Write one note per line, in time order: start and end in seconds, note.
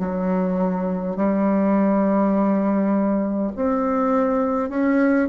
0.00 1.17 F#3
1.17 3.52 G3
3.56 4.70 C4
4.70 5.29 C#4